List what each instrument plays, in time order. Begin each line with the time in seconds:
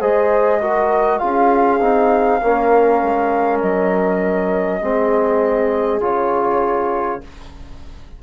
0.00 bassoon G#3, trombone G#4, horn C5, flute D#5
0.60 trombone F#4, horn A#4
1.18 bassoon C#4, trombone F4, horn G#4, flute F5
1.80 bassoon C4, trombone D#4
2.41 bassoon A#3, trombone C#4, horn A#4
3.02 bassoon G#3
3.60 bassoon F#3, flute D#5
4.81 bassoon G#3, trombone C4, horn G#4
6.00 bassoon C#3, trombone F4, flute C#5